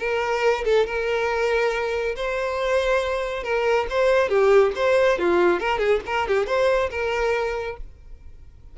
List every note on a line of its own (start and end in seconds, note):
0.00 0.65 A#4
0.65 0.87 A4
0.87 2.16 A#4
2.16 3.44 C5
3.44 3.87 A#4
3.90 4.29 C5
4.29 4.72 G4
4.76 5.19 C5
5.19 5.60 F4
5.60 5.79 A#4
5.79 6.01 G#4
6.07 6.28 A#4
6.28 6.47 G4
6.47 6.90 C5
6.91 7.78 A#4